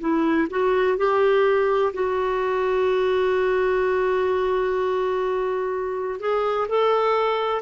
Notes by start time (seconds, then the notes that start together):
0.00 E4
0.50 F#4
0.97 G4
1.93 F#4
6.19 G#4
6.68 A4